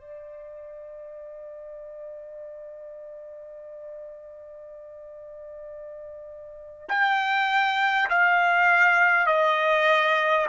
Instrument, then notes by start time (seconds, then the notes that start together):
trumpet
0.00 D5
6.89 G5
8.09 F5
9.26 D#5